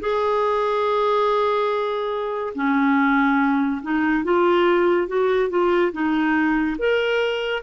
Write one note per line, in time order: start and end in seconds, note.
0.00 2.54 G#4
2.55 3.81 C#4
3.82 4.24 D#4
4.24 5.07 F4
5.07 5.49 F#4
5.49 5.92 F4
5.92 6.77 D#4
6.78 7.62 A#4